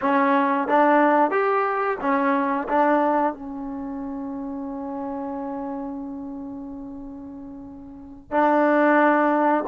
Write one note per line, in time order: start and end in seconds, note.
0.01 0.68 C#4
0.68 1.31 D4
1.31 1.97 G4
2.00 2.67 C#4
2.68 3.33 D4
3.33 8.31 C#4
8.31 9.64 D4